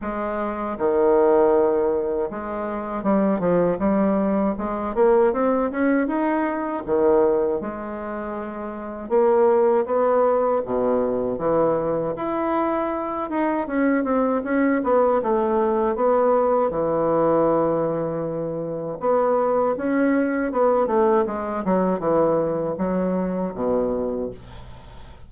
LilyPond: \new Staff \with { instrumentName = "bassoon" } { \time 4/4 \tempo 4 = 79 gis4 dis2 gis4 | g8 f8 g4 gis8 ais8 c'8 cis'8 | dis'4 dis4 gis2 | ais4 b4 b,4 e4 |
e'4. dis'8 cis'8 c'8 cis'8 b8 | a4 b4 e2~ | e4 b4 cis'4 b8 a8 | gis8 fis8 e4 fis4 b,4 | }